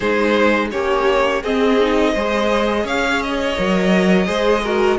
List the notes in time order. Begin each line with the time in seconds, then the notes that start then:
0.00 G#3 D#4 G#4 C5
0.71 A#3 C#4 G4 C#5
1.42 C4 G#4 D#5
1.79 D#4
2.12 G#3 G#4 C5
2.83 C#4 C#5 F5
3.22 D#5
3.57 F#3 A#4
4.25 G#3 G#4 C5
4.63 F#4 A#4